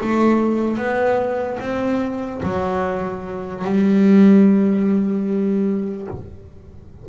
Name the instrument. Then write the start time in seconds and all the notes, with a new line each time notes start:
double bass
0.00 A3
0.77 B3
1.60 C4
2.43 F#3
3.64 G3